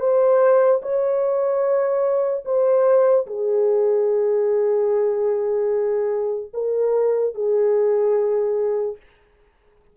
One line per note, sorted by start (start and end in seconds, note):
0.00 0.81 C5
0.82 2.44 C#5
2.45 3.27 C5
3.27 6.51 G#4
6.53 7.35 A#4
7.35 8.97 G#4